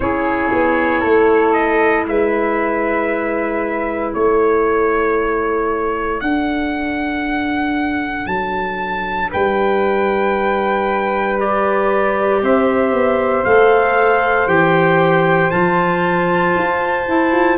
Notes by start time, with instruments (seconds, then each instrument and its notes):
0.00 tuba C#4, clarinet E4, flute G#4, trumpet C#5
0.52 tuba B3
1.00 tuba A3, flute A4
1.52 trumpet D#5
2.06 tuba G#3, flute B4, trumpet E5
4.13 tuba A3, flute A4, trumpet C#5
6.20 clarinet D4, tuba D4, trumpet F#5
8.26 tuba F#3, trumpet A5
9.30 tuba G3, flute B4, trumpet G5
11.38 clarinet G4, trumpet D5
12.42 tuba C4, flute C5, trumpet E5
12.92 tuba B3
13.44 tuba A3, clarinet A4, trumpet F5
14.46 tuba E3, clarinet G4, trumpet G5
15.50 tuba F3, clarinet F4, trumpet A5
16.56 tuba F4
17.06 tuba E4, clarinet E4
17.32 tuba F4